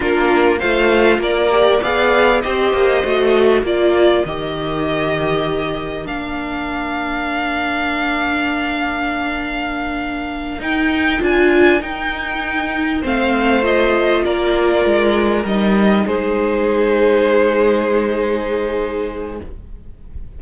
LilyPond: <<
  \new Staff \with { instrumentName = "violin" } { \time 4/4 \tempo 4 = 99 ais'4 f''4 d''4 f''4 | dis''2 d''4 dis''4~ | dis''2 f''2~ | f''1~ |
f''4. g''4 gis''4 g''8~ | g''4. f''4 dis''4 d''8~ | d''4. dis''4 c''4.~ | c''1 | }
  \new Staff \with { instrumentName = "violin" } { \time 4/4 f'4 c''4 ais'4 d''4 | c''2 ais'2~ | ais'1~ | ais'1~ |
ais'1~ | ais'4. c''2 ais'8~ | ais'2~ ais'8 gis'4.~ | gis'1 | }
  \new Staff \with { instrumentName = "viola" } { \time 4/4 d'4 f'4. g'8 gis'4 | g'4 fis'4 f'4 g'4~ | g'2 d'2~ | d'1~ |
d'4. dis'4 f'4 dis'8~ | dis'4. c'4 f'4.~ | f'4. dis'2~ dis'8~ | dis'1 | }
  \new Staff \with { instrumentName = "cello" } { \time 4/4 ais4 a4 ais4 b4 | c'8 ais8 a4 ais4 dis4~ | dis2 ais2~ | ais1~ |
ais4. dis'4 d'4 dis'8~ | dis'4. a2 ais8~ | ais8 gis4 g4 gis4.~ | gis1 | }
>>